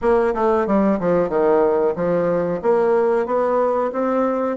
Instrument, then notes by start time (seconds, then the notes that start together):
bassoon
0.01 A#3
0.34 A3
0.66 G3
0.99 F3
1.29 D#3
1.95 F3
2.61 A#3
3.26 B3
3.92 C4